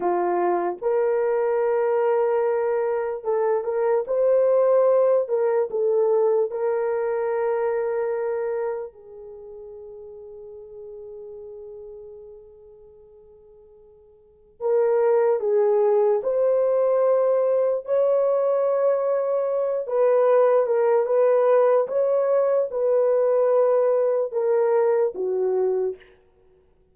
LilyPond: \new Staff \with { instrumentName = "horn" } { \time 4/4 \tempo 4 = 74 f'4 ais'2. | a'8 ais'8 c''4. ais'8 a'4 | ais'2. gis'4~ | gis'1~ |
gis'2 ais'4 gis'4 | c''2 cis''2~ | cis''8 b'4 ais'8 b'4 cis''4 | b'2 ais'4 fis'4 | }